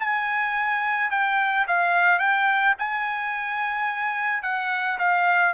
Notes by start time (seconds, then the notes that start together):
0.00 G#5
1.11 G5
1.67 F5
2.19 G5
2.79 G#5
4.43 F#5
4.99 F5